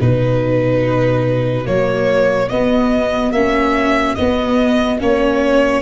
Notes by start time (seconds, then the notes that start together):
0.00 B2 D#4 F#4 B4
1.65 F#3 A#3 C#5
2.49 B3 D#5
3.32 A#3 C#4 E5
4.15 B3 D#5
4.99 A#3 C#4 C#5